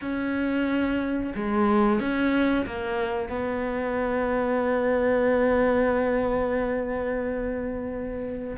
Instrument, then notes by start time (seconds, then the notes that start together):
cello
0.01 C#4
1.35 G#3
1.99 C#4
2.66 A#3
3.29 B3